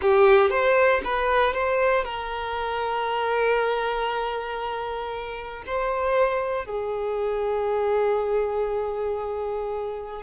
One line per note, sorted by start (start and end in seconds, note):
0.01 0.49 G4
0.49 1.01 C5
1.04 1.53 B4
1.53 2.04 C5
2.04 5.63 A#4
5.66 6.65 C5
6.65 10.22 G#4